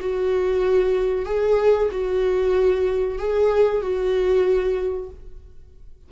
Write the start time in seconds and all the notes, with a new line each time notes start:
0.00 F#4
1.25 G#4
1.91 F#4
3.18 G#4
3.82 F#4